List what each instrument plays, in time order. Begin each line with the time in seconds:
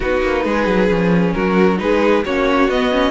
0.00 cello B3, viola D#4, violin F#4 B4
0.22 cello A#3
0.45 cello G#3, violin G#4
0.66 cello F#3
0.88 cello F3, viola C#4
1.33 cello F#3, violin F#4 A#4
1.77 cello G#3, viola D#4, violin G#4 B4
2.25 cello A#3, viola C#4, violin F#4 C#5
2.69 cello B3, viola B3, violin D#5
2.91 viola C#4